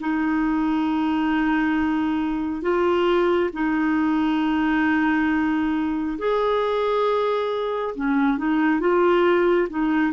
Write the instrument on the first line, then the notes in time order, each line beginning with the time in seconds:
clarinet
0.00 D#4
2.61 F4
3.53 D#4
6.18 G#4
7.95 C#4
8.37 D#4
8.80 F4
9.69 D#4